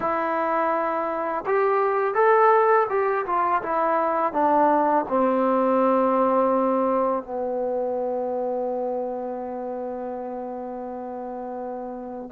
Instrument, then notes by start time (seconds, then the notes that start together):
trombone
0.00 E4
1.46 G4
2.14 A4
2.89 G4
3.25 F4
3.62 E4
4.32 D4
5.08 C4
7.23 B3